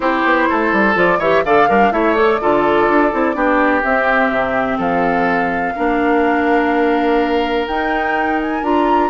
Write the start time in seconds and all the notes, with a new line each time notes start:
0.00 C4 E4 G4 C5
0.24 B3
0.49 A3 A4
0.72 G3
0.94 F3 F4 D5
1.18 E3 G4 C#5 E5
1.44 D3 A4 D5 F5
1.68 G3 D4 A#4
1.91 A3 E4 C#5 E5
2.14 A4 D5
2.41 D3 F4 A4
2.89 D4
3.11 C4 E4
3.33 B3 D4 G4
3.82 C4 E5
4.30 C3
4.77 F3 A4 F5
5.75 A#3 D4 A#4
7.67 D#4 G5
8.40 G#5
8.62 D4 F4 A#5